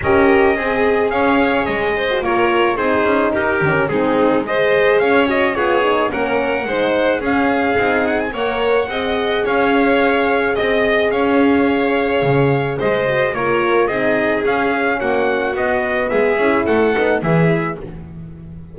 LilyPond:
<<
  \new Staff \with { instrumentName = "trumpet" } { \time 4/4 \tempo 4 = 108 dis''2 f''4 dis''4 | cis''4 c''4 ais'4 gis'4 | dis''4 f''8 dis''8 cis''4 fis''4~ | fis''4 f''4. fis''16 gis''16 fis''4~ |
fis''4 f''2 dis''4 | f''2. dis''4 | cis''4 dis''4 f''4 fis''4 | dis''4 e''4 fis''4 e''4 | }
  \new Staff \with { instrumentName = "violin" } { \time 4/4 ais'4 gis'4 cis''4. c''8 | ais'4 gis'4 g'4 dis'4 | c''4 cis''4 gis'4 ais'4 | c''4 gis'2 cis''4 |
dis''4 cis''2 dis''4 | cis''2. c''4 | ais'4 gis'2 fis'4~ | fis'4 gis'4 a'4 gis'4 | }
  \new Staff \with { instrumentName = "horn" } { \time 4/4 g'4 gis'2~ gis'8. fis'16 | f'4 dis'4. cis'8 c'4 | gis'4. fis'8 f'8 dis'8 cis'4 | dis'4 cis'4 dis'4 ais'4 |
gis'1~ | gis'2.~ gis'8 fis'8 | f'4 dis'4 cis'2 | b4. e'4 dis'8 e'4 | }
  \new Staff \with { instrumentName = "double bass" } { \time 4/4 cis'4 c'4 cis'4 gis4 | ais4 c'8 cis'8 dis'8 dis8 gis4~ | gis4 cis'4 b4 ais4 | gis4 cis'4 c'4 ais4 |
c'4 cis'2 c'4 | cis'2 cis4 gis4 | ais4 c'4 cis'4 ais4 | b4 gis8 cis'8 a8 b8 e4 | }
>>